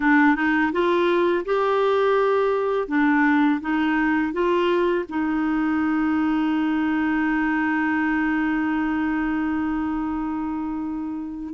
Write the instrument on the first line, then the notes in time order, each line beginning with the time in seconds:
clarinet
0.00 D4
0.35 D#4
0.72 F4
1.45 G4
2.88 D4
3.60 D#4
4.32 F4
5.09 D#4